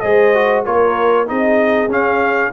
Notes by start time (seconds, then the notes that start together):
0.00 G#3 G#4 C5 D#5
0.34 F#4
0.65 A#3 F4 A#4 C#5
1.26 C4 D#4 G#4 D#5
1.88 C#4 F5